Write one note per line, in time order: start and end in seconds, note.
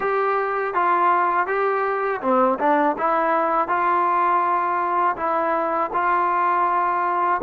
0.00 0.73 G4
0.73 1.46 F4
1.46 2.21 G4
2.21 2.58 C4
2.59 2.96 D4
2.98 3.67 E4
3.67 5.15 F4
5.16 5.90 E4
5.93 7.41 F4